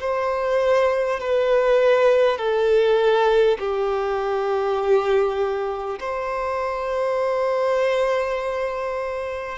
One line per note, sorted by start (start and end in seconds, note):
0.00 1.19 C5
1.19 2.38 B4
2.38 3.58 A4
3.59 5.99 G4
6.00 9.58 C5